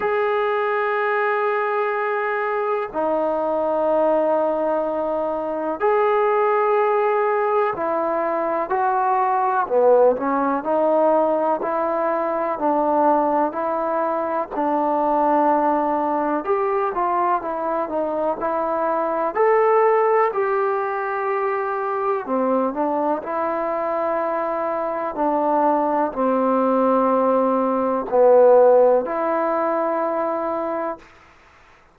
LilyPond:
\new Staff \with { instrumentName = "trombone" } { \time 4/4 \tempo 4 = 62 gis'2. dis'4~ | dis'2 gis'2 | e'4 fis'4 b8 cis'8 dis'4 | e'4 d'4 e'4 d'4~ |
d'4 g'8 f'8 e'8 dis'8 e'4 | a'4 g'2 c'8 d'8 | e'2 d'4 c'4~ | c'4 b4 e'2 | }